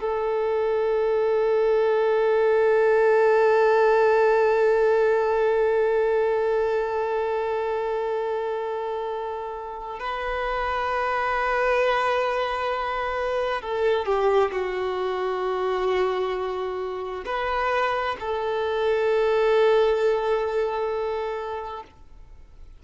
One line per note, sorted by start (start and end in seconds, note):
0.00 9.99 A4
9.99 13.61 B4
13.61 14.05 A4
14.05 14.51 G4
14.51 17.24 F#4
17.25 18.16 B4
18.19 21.83 A4